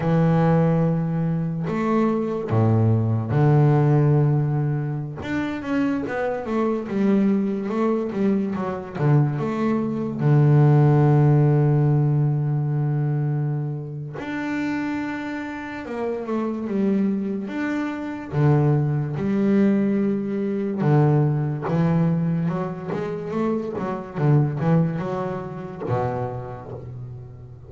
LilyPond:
\new Staff \with { instrumentName = "double bass" } { \time 4/4 \tempo 4 = 72 e2 a4 a,4 | d2~ d16 d'8 cis'8 b8 a16~ | a16 g4 a8 g8 fis8 d8 a8.~ | a16 d2.~ d8.~ |
d4 d'2 ais8 a8 | g4 d'4 d4 g4~ | g4 d4 e4 fis8 gis8 | a8 fis8 d8 e8 fis4 b,4 | }